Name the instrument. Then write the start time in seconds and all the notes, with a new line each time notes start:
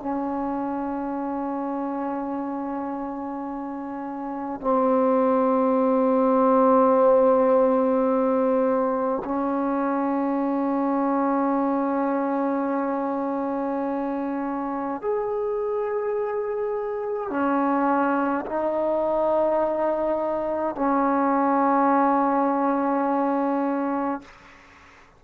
trombone
0.00 C#4
4.62 C4
9.25 C#4
15.02 G#4
17.30 C#4
18.46 D#4
20.76 C#4